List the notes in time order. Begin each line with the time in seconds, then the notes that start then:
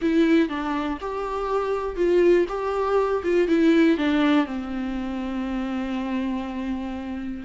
0.01 E4
0.48 D4
1.01 G4
1.96 F4
2.48 G4
3.23 F4
3.48 E4
3.97 D4
4.46 C4